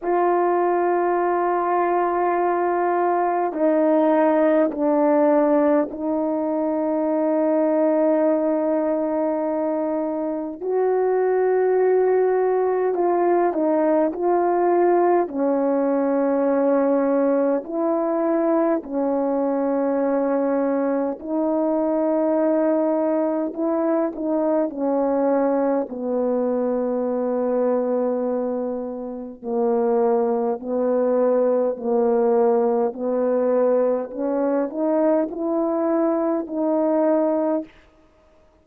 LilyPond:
\new Staff \with { instrumentName = "horn" } { \time 4/4 \tempo 4 = 51 f'2. dis'4 | d'4 dis'2.~ | dis'4 fis'2 f'8 dis'8 | f'4 cis'2 e'4 |
cis'2 dis'2 | e'8 dis'8 cis'4 b2~ | b4 ais4 b4 ais4 | b4 cis'8 dis'8 e'4 dis'4 | }